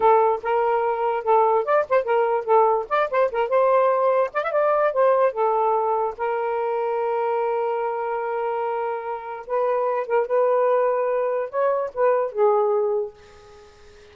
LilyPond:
\new Staff \with { instrumentName = "saxophone" } { \time 4/4 \tempo 4 = 146 a'4 ais'2 a'4 | d''8 c''8 ais'4 a'4 d''8 c''8 | ais'8 c''2 d''16 e''16 d''4 | c''4 a'2 ais'4~ |
ais'1~ | ais'2. b'4~ | b'8 ais'8 b'2. | cis''4 b'4 gis'2 | }